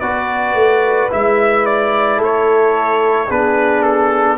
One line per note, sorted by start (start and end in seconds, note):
0.00 0.55 B3
0.00 1.11 F#4
0.00 2.18 B4
0.00 1.10 D5
0.55 1.09 A3
1.11 2.21 G#3
1.11 3.29 E4
1.11 1.66 E5
1.66 2.20 D5
2.18 3.30 A3
2.18 3.27 A4
2.18 3.31 C#5
3.28 4.38 B3
3.28 4.38 D4
3.28 4.37 G#4
3.28 3.83 B4
3.83 4.37 A4